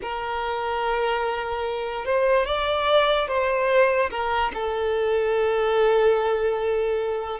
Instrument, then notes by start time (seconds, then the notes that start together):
violin
0.02 A#4
2.05 C5
2.46 D5
3.28 C5
4.10 A#4
4.54 A4